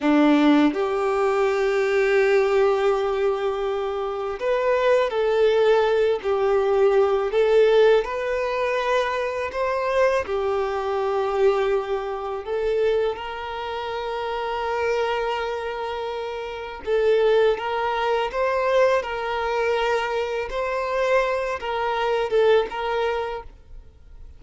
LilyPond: \new Staff \with { instrumentName = "violin" } { \time 4/4 \tempo 4 = 82 d'4 g'2.~ | g'2 b'4 a'4~ | a'8 g'4. a'4 b'4~ | b'4 c''4 g'2~ |
g'4 a'4 ais'2~ | ais'2. a'4 | ais'4 c''4 ais'2 | c''4. ais'4 a'8 ais'4 | }